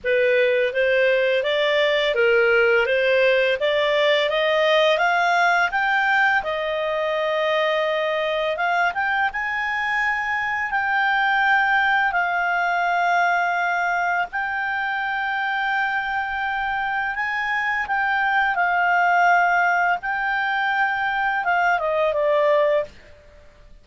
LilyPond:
\new Staff \with { instrumentName = "clarinet" } { \time 4/4 \tempo 4 = 84 b'4 c''4 d''4 ais'4 | c''4 d''4 dis''4 f''4 | g''4 dis''2. | f''8 g''8 gis''2 g''4~ |
g''4 f''2. | g''1 | gis''4 g''4 f''2 | g''2 f''8 dis''8 d''4 | }